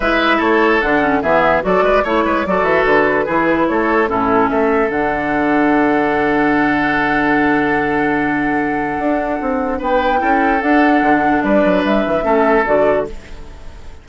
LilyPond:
<<
  \new Staff \with { instrumentName = "flute" } { \time 4/4 \tempo 4 = 147 e''4 cis''4 fis''4 e''4 | d''4 cis''4 d''8 e''8 b'4~ | b'4 cis''4 a'4 e''4 | fis''1~ |
fis''1~ | fis''1 | g''2 fis''2 | d''4 e''2 d''4 | }
  \new Staff \with { instrumentName = "oboe" } { \time 4/4 b'4 a'2 gis'4 | a'8 b'8 cis''8 b'8 a'2 | gis'4 a'4 e'4 a'4~ | a'1~ |
a'1~ | a'1 | b'4 a'2. | b'2 a'2 | }
  \new Staff \with { instrumentName = "clarinet" } { \time 4/4 e'2 d'8 cis'8 b4 | fis'4 e'4 fis'2 | e'2 cis'2 | d'1~ |
d'1~ | d'1~ | d'4 e'4 d'2~ | d'2 cis'4 fis'4 | }
  \new Staff \with { instrumentName = "bassoon" } { \time 4/4 gis4 a4 d4 e4 | fis8 gis8 a8 gis8 fis8 e8 d4 | e4 a4 a,4 a4 | d1~ |
d1~ | d2 d'4 c'4 | b4 cis'4 d'4 d4 | g8 fis8 g8 e8 a4 d4 | }
>>